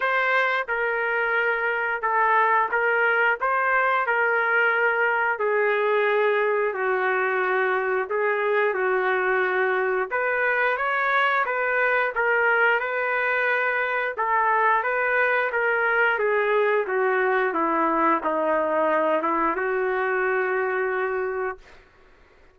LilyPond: \new Staff \with { instrumentName = "trumpet" } { \time 4/4 \tempo 4 = 89 c''4 ais'2 a'4 | ais'4 c''4 ais'2 | gis'2 fis'2 | gis'4 fis'2 b'4 |
cis''4 b'4 ais'4 b'4~ | b'4 a'4 b'4 ais'4 | gis'4 fis'4 e'4 dis'4~ | dis'8 e'8 fis'2. | }